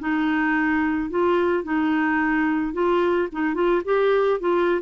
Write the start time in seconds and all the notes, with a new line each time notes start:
0.00 D#4
1.11 F4
1.64 D#4
2.74 F4
3.32 D#4
3.55 F4
3.85 G4
4.40 F4